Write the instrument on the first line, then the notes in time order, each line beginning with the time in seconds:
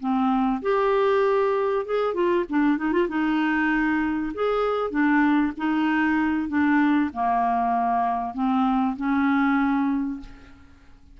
clarinet
0.00 C4
0.62 G4
1.86 G#4
2.14 F4
2.49 D4
2.78 D#4
2.92 F4
3.08 D#4
4.34 G#4
4.91 D4
5.57 D#4
6.48 D4
7.13 A#3
8.34 C4
8.96 C#4